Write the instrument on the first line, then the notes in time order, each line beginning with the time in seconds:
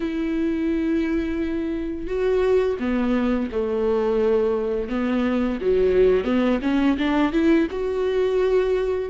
viola
0.00 E4
2.07 F#4
2.79 B3
3.51 A3
4.89 B3
5.61 F#3
6.24 B3
6.62 C#4
6.98 D4
7.32 E4
7.71 F#4